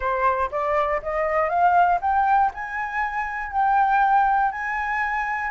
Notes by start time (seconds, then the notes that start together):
0.00 C5
0.51 D5
1.02 D#5
1.49 F5
2.01 G5
2.53 G#5
3.52 G5
4.51 G#5